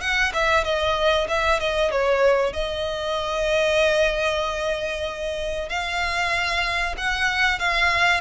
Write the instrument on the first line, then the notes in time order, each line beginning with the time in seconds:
violin
0.00 F#5
0.33 E5
0.64 D#5
1.28 E5
1.59 D#5
1.91 C#5
2.53 D#5
5.69 F5
6.97 F#5
7.58 F5